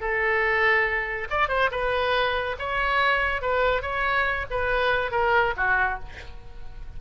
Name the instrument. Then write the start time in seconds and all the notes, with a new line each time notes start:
oboe
0.00 A4
1.30 D5
1.48 C5
1.71 B4
2.59 C#5
3.41 B4
3.82 C#5
4.50 B4
5.11 A#4
5.56 F#4